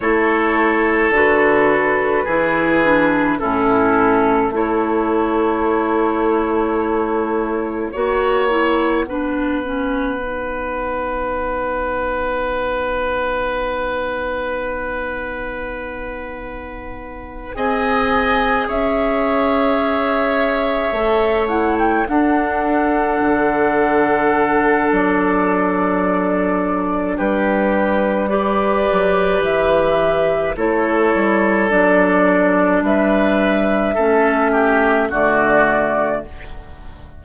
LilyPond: <<
  \new Staff \with { instrumentName = "flute" } { \time 4/4 \tempo 4 = 53 cis''4 b'2 a'4 | cis''2. fis''4~ | fis''1~ | fis''2.~ fis''8 gis''8~ |
gis''8 e''2~ e''8 fis''16 g''16 fis''8~ | fis''2 d''2 | b'4 d''4 e''4 cis''4 | d''4 e''2 d''4 | }
  \new Staff \with { instrumentName = "oboe" } { \time 4/4 a'2 gis'4 e'4 | a'2. cis''4 | b'1~ | b'2.~ b'8 dis''8~ |
dis''8 cis''2. a'8~ | a'1 | g'4 b'2 a'4~ | a'4 b'4 a'8 g'8 fis'4 | }
  \new Staff \with { instrumentName = "clarinet" } { \time 4/4 e'4 fis'4 e'8 d'8 cis'4 | e'2. fis'8 e'8 | d'8 cis'8 dis'2.~ | dis'2.~ dis'8 gis'8~ |
gis'2~ gis'8 a'8 e'8 d'8~ | d'1~ | d'4 g'2 e'4 | d'2 cis'4 a4 | }
  \new Staff \with { instrumentName = "bassoon" } { \time 4/4 a4 d4 e4 a,4 | a2. ais4 | b1~ | b2.~ b8 c'8~ |
c'8 cis'2 a4 d'8~ | d'8 d4. fis2 | g4. fis8 e4 a8 g8 | fis4 g4 a4 d4 | }
>>